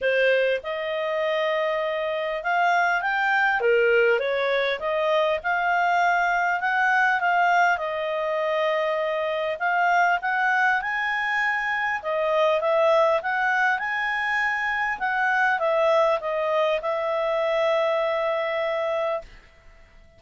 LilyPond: \new Staff \with { instrumentName = "clarinet" } { \time 4/4 \tempo 4 = 100 c''4 dis''2. | f''4 g''4 ais'4 cis''4 | dis''4 f''2 fis''4 | f''4 dis''2. |
f''4 fis''4 gis''2 | dis''4 e''4 fis''4 gis''4~ | gis''4 fis''4 e''4 dis''4 | e''1 | }